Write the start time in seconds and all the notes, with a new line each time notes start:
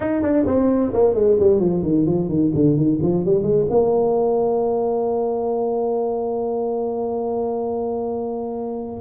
0.00 D#4
0.22 D4
0.46 C4
0.93 A#3
1.14 G#3
1.39 G3
1.59 F3
1.83 D#3
2.06 F3
2.28 D#3
2.54 D3
2.76 D#3
3.01 F3
3.24 G3
3.42 G#3
3.70 A#3